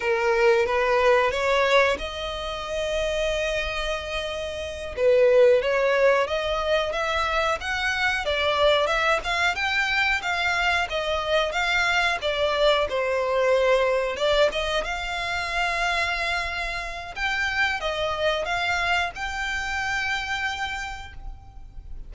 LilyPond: \new Staff \with { instrumentName = "violin" } { \time 4/4 \tempo 4 = 91 ais'4 b'4 cis''4 dis''4~ | dis''2.~ dis''8 b'8~ | b'8 cis''4 dis''4 e''4 fis''8~ | fis''8 d''4 e''8 f''8 g''4 f''8~ |
f''8 dis''4 f''4 d''4 c''8~ | c''4. d''8 dis''8 f''4.~ | f''2 g''4 dis''4 | f''4 g''2. | }